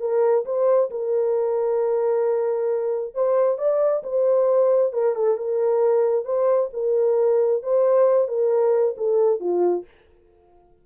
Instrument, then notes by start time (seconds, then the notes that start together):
horn
0.00 A#4
0.45 C5
0.90 A#4
3.14 C5
3.58 D5
4.03 C5
4.93 A#4
5.15 A4
5.37 A#4
6.25 C5
6.73 A#4
7.63 C5
8.28 A#4
8.97 A4
9.40 F4